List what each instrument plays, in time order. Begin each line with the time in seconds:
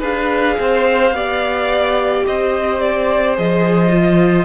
0.00 cello D4, viola G#4, violin B4 F5
0.59 cello C4, violin C5
1.11 cello B3, viola G4, violin D5
2.26 cello C4, violin C5 D#5
2.81 violin D5
3.36 cello F3, viola G#4, violin D#5
3.90 viola F4